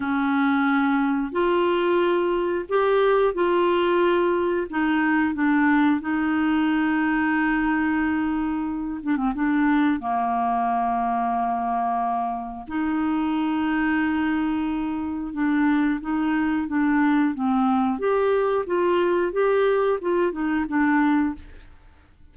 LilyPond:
\new Staff \with { instrumentName = "clarinet" } { \time 4/4 \tempo 4 = 90 cis'2 f'2 | g'4 f'2 dis'4 | d'4 dis'2.~ | dis'4. d'16 c'16 d'4 ais4~ |
ais2. dis'4~ | dis'2. d'4 | dis'4 d'4 c'4 g'4 | f'4 g'4 f'8 dis'8 d'4 | }